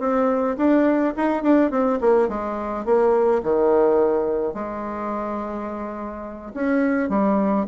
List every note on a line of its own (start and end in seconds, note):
0.00 0.57 C4
0.57 1.14 D4
1.17 1.43 D#4
1.43 1.71 D4
1.71 2.00 C4
2.01 2.29 A#3
2.29 2.85 G#3
2.85 3.42 A#3
3.43 4.54 D#3
4.54 6.52 G#3
6.54 7.10 C#4
7.10 7.66 G3